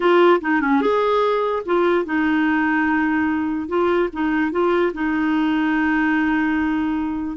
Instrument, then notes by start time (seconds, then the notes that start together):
clarinet
0.00 F4
0.40 D#4
0.61 C#4
0.81 G#4
1.65 F4
2.05 D#4
3.68 F4
4.12 D#4
4.51 F4
4.93 D#4